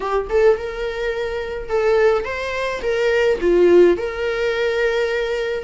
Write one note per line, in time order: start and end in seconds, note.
0.00 0.28 G4
0.29 0.57 A4
0.57 1.69 A#4
1.69 2.24 A4
2.24 2.81 C5
2.82 3.39 A#4
3.40 3.97 F4
3.97 5.63 A#4